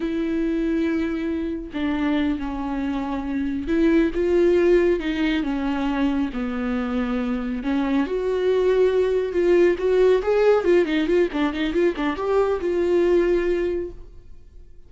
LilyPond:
\new Staff \with { instrumentName = "viola" } { \time 4/4 \tempo 4 = 138 e'1 | d'4. cis'2~ cis'8~ | cis'8 e'4 f'2 dis'8~ | dis'8 cis'2 b4.~ |
b4. cis'4 fis'4.~ | fis'4. f'4 fis'4 gis'8~ | gis'8 f'8 dis'8 f'8 d'8 dis'8 f'8 d'8 | g'4 f'2. | }